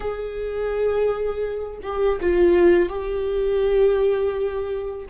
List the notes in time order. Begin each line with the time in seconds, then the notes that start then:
0.00 G#4
1.82 G4
2.20 F4
2.89 G4